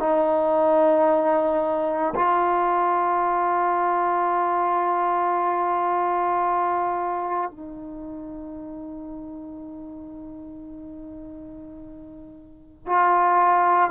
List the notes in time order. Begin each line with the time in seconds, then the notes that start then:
0.00 D#4
2.15 F4
7.51 D#4
12.87 F4